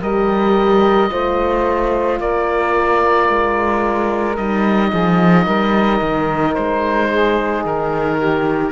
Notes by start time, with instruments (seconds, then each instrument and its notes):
0.00 cello G3, horn G4, saxophone A#4, oboe D#5
1.09 cello A3, horn F4, saxophone C5
2.19 cello A#3, saxophone A#4, oboe D5
3.28 cello G#3
4.36 cello G3, horn D#4, oboe D#5
4.89 cello F3, saxophone G#4
5.45 cello G3, saxophone A#4
6.01 cello D#3
6.54 cello G#3, oboe C5
7.10 saxophone G#4
7.65 cello D#3, oboe A#4
8.17 saxophone G4